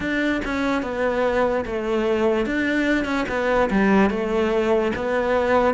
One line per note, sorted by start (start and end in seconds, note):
0.00 0.41 D4
0.44 0.82 C#4
0.82 1.64 B3
1.65 2.46 A3
2.46 3.04 D4
3.04 3.25 C#4
3.28 3.69 B3
3.70 4.09 G3
4.09 4.92 A3
4.95 5.74 B3